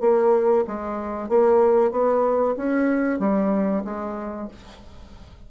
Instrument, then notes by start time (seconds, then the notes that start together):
bassoon
0.00 A#3
0.67 G#3
1.28 A#3
1.91 B3
2.56 C#4
3.19 G3
3.84 G#3